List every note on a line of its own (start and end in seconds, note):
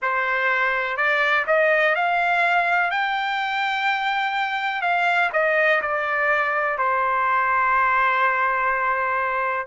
0.01 0.97 C5
0.97 1.45 D5
1.46 1.95 D#5
1.95 2.90 F5
2.90 4.81 G5
4.81 5.30 F5
5.32 5.81 D#5
5.81 6.77 D5
6.77 9.66 C5